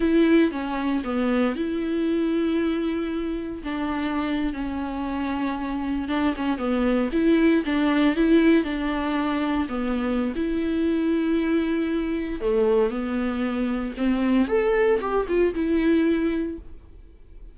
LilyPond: \new Staff \with { instrumentName = "viola" } { \time 4/4 \tempo 4 = 116 e'4 cis'4 b4 e'4~ | e'2. d'4~ | d'8. cis'2. d'16~ | d'16 cis'8 b4 e'4 d'4 e'16~ |
e'8. d'2 b4~ b16 | e'1 | a4 b2 c'4 | a'4 g'8 f'8 e'2 | }